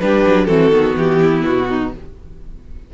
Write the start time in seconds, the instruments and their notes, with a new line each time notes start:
0.00 cello G3, viola D4, violin G4 B4
0.27 cello F#3
0.45 cello E3, viola C4, violin F#4 A4
0.71 cello D#3, viola B3
0.96 cello E3, violin G4
1.21 violin E4
1.45 cello B2, violin F#4
1.69 violin D#4